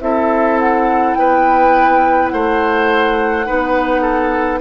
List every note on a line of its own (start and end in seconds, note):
0.00 1.15 C4
0.00 3.45 E4
0.00 1.18 A4
0.00 0.58 E5
0.59 1.15 F#5
1.15 2.32 B3
1.15 2.33 B4
1.15 2.29 G5
2.29 3.48 A3
2.29 3.46 C5
2.29 4.59 F#5
3.45 4.60 B3
3.45 4.60 D#4
3.45 4.01 B4
4.01 4.59 A4